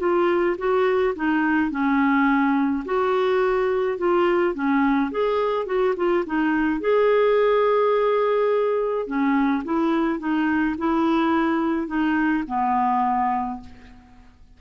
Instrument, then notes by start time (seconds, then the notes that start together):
clarinet
0.00 F4
0.58 F#4
1.16 D#4
1.71 C#4
2.85 F#4
3.98 F4
4.55 C#4
5.12 G#4
5.66 F#4
5.97 F4
6.27 D#4
6.81 G#4
9.07 C#4
9.65 E4
10.19 D#4
10.78 E4
11.87 D#4
12.47 B3